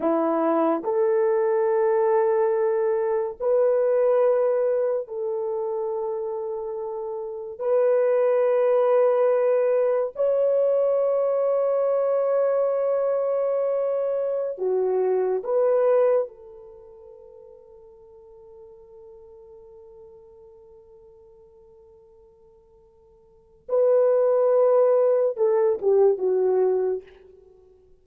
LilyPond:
\new Staff \with { instrumentName = "horn" } { \time 4/4 \tempo 4 = 71 e'4 a'2. | b'2 a'2~ | a'4 b'2. | cis''1~ |
cis''4~ cis''16 fis'4 b'4 a'8.~ | a'1~ | a'1 | b'2 a'8 g'8 fis'4 | }